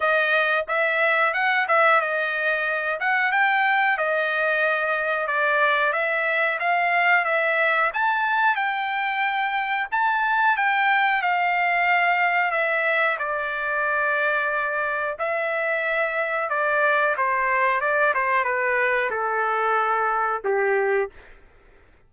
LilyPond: \new Staff \with { instrumentName = "trumpet" } { \time 4/4 \tempo 4 = 91 dis''4 e''4 fis''8 e''8 dis''4~ | dis''8 fis''8 g''4 dis''2 | d''4 e''4 f''4 e''4 | a''4 g''2 a''4 |
g''4 f''2 e''4 | d''2. e''4~ | e''4 d''4 c''4 d''8 c''8 | b'4 a'2 g'4 | }